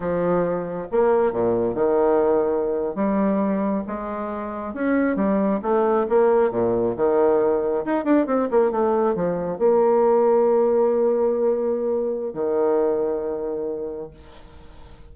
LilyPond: \new Staff \with { instrumentName = "bassoon" } { \time 4/4 \tempo 4 = 136 f2 ais4 ais,4 | dis2~ dis8. g4~ g16~ | g8. gis2 cis'4 g16~ | g8. a4 ais4 ais,4 dis16~ |
dis4.~ dis16 dis'8 d'8 c'8 ais8 a16~ | a8. f4 ais2~ ais16~ | ais1 | dis1 | }